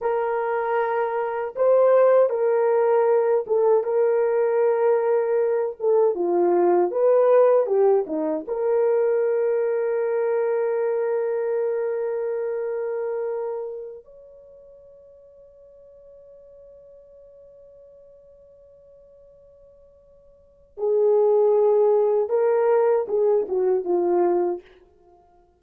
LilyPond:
\new Staff \with { instrumentName = "horn" } { \time 4/4 \tempo 4 = 78 ais'2 c''4 ais'4~ | ais'8 a'8 ais'2~ ais'8 a'8 | f'4 b'4 g'8 dis'8 ais'4~ | ais'1~ |
ais'2~ ais'16 cis''4.~ cis''16~ | cis''1~ | cis''2. gis'4~ | gis'4 ais'4 gis'8 fis'8 f'4 | }